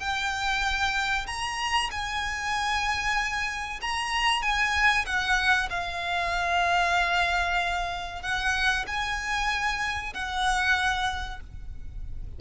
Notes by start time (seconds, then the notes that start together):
0.00 G5
1.27 A#5
1.91 G#5
3.81 A#5
4.42 G#5
5.06 F#5
5.70 F5
8.22 F#5
8.87 G#5
10.14 F#5